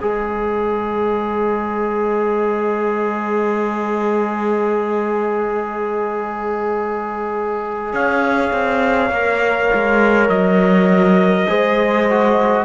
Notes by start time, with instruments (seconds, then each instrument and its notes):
0.00 cello G#3, trombone G#4, horn C5, trumpet D#5
7.93 cello C#4, horn C#5, trumpet F5
8.53 cello C4
9.10 cello A#3, trombone A#4
9.74 cello G#3
10.29 cello F#3, trumpet D#5
11.48 cello G#3, trombone G#4, horn C5
12.10 trombone F#4